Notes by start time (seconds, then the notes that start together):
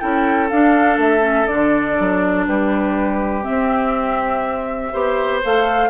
0.00 C#4 E4 A4 G5
0.50 D4 F5
0.98 A3 E5
1.21 C#4
1.47 D3 D4 D5
2.00 F#3
2.47 G3 G4 B4
3.43 C4 E5
3.49 C4
4.93 B3 G4 C5
5.44 A3 A4 F5